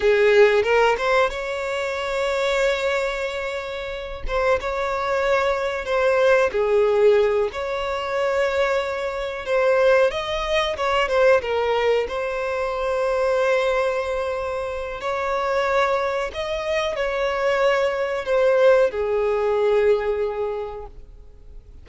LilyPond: \new Staff \with { instrumentName = "violin" } { \time 4/4 \tempo 4 = 92 gis'4 ais'8 c''8 cis''2~ | cis''2~ cis''8 c''8 cis''4~ | cis''4 c''4 gis'4. cis''8~ | cis''2~ cis''8 c''4 dis''8~ |
dis''8 cis''8 c''8 ais'4 c''4.~ | c''2. cis''4~ | cis''4 dis''4 cis''2 | c''4 gis'2. | }